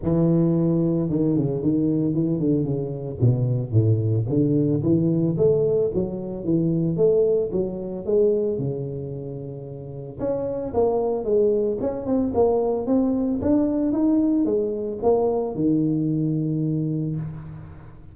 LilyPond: \new Staff \with { instrumentName = "tuba" } { \time 4/4 \tempo 4 = 112 e2 dis8 cis8 dis4 | e8 d8 cis4 b,4 a,4 | d4 e4 a4 fis4 | e4 a4 fis4 gis4 |
cis2. cis'4 | ais4 gis4 cis'8 c'8 ais4 | c'4 d'4 dis'4 gis4 | ais4 dis2. | }